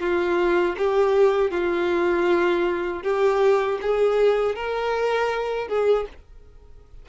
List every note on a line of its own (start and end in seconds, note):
0.00 0.76 F4
0.78 1.51 G4
1.51 3.03 F4
3.03 3.79 G4
3.82 4.55 G#4
4.55 5.68 A#4
5.68 6.06 G#4